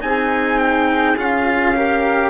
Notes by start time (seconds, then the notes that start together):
0.00 C4 D#4 G#4 G#5
0.59 G5
1.17 C#4 F4 F5
1.75 G4 A#4